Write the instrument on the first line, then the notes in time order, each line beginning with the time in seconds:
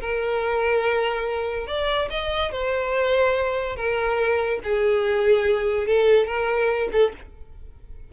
violin
0.00 A#4
1.66 D5
2.10 D#5
2.51 C5
3.76 A#4
4.63 G#4
5.86 A4
6.26 A#4
6.92 A4